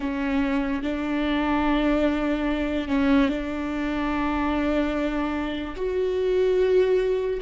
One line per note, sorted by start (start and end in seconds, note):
0.00 0.82 C#4
0.82 2.88 D4
2.88 3.28 C#4
3.28 5.75 D4
5.76 7.40 F#4